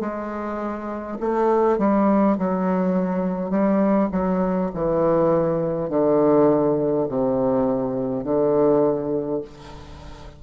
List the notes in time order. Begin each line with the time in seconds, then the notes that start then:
0.00 G#3
1.20 A3
1.78 G3
2.38 F#3
3.50 G3
4.12 F#3
4.74 E3
5.89 D3
7.08 C3
8.24 D3